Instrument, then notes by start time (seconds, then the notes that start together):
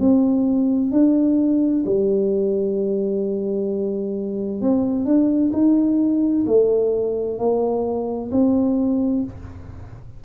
tuba
0.00 C4
0.92 D4
1.86 G3
4.62 C4
5.06 D4
5.53 D#4
6.47 A3
7.38 A#3
8.32 C4